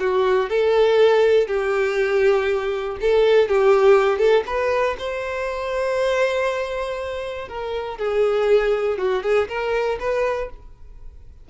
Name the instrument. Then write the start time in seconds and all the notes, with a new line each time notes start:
violin
0.00 F#4
0.50 A4
1.48 G4
3.01 A4
3.49 G4
4.19 A4
4.47 B4
4.99 C5
7.49 A#4
7.99 G#4
8.98 F#4
9.23 G#4
9.49 A#4
10.00 B4